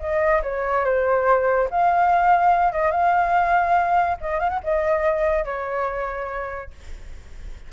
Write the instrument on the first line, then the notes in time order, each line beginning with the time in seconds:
flute
0.00 D#5
0.43 C#5
0.85 C5
1.71 F5
2.73 D#5
2.92 F5
4.21 D#5
4.40 F5
4.50 F#5
4.64 D#5
5.45 C#5